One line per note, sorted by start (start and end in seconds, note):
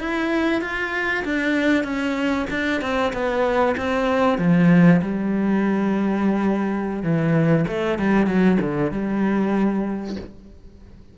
0.00 0.62 E4
0.62 1.24 F4
1.25 1.84 D4
1.84 2.47 C#4
2.51 2.82 D4
2.82 3.13 C4
3.14 3.76 B3
3.78 4.39 C4
4.39 5.01 F3
5.02 7.03 G3
7.03 7.66 E3
7.68 7.99 A3
7.99 8.27 G3
8.27 8.58 F#3
8.61 8.92 D3
8.92 10.17 G3